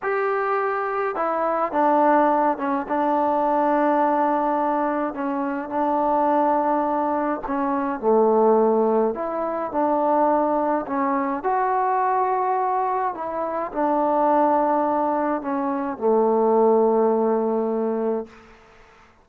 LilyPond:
\new Staff \with { instrumentName = "trombone" } { \time 4/4 \tempo 4 = 105 g'2 e'4 d'4~ | d'8 cis'8 d'2.~ | d'4 cis'4 d'2~ | d'4 cis'4 a2 |
e'4 d'2 cis'4 | fis'2. e'4 | d'2. cis'4 | a1 | }